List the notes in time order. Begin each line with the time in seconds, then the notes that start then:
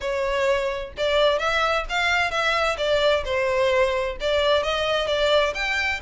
0.00 C#5
0.97 D5
1.38 E5
1.89 F5
2.30 E5
2.77 D5
3.24 C5
4.20 D5
4.63 D#5
5.07 D5
5.54 G5